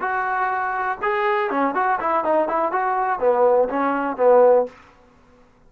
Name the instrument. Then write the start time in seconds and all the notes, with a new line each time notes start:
trombone
0.00 F#4
1.02 G#4
1.50 C#4
1.75 F#4
2.00 E4
2.24 D#4
2.48 E4
2.72 F#4
3.19 B3
3.69 C#4
4.17 B3